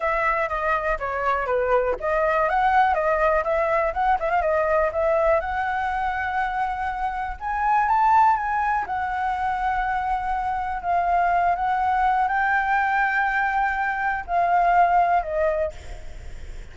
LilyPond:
\new Staff \with { instrumentName = "flute" } { \time 4/4 \tempo 4 = 122 e''4 dis''4 cis''4 b'4 | dis''4 fis''4 dis''4 e''4 | fis''8 e''16 f''16 dis''4 e''4 fis''4~ | fis''2. gis''4 |
a''4 gis''4 fis''2~ | fis''2 f''4. fis''8~ | fis''4 g''2.~ | g''4 f''2 dis''4 | }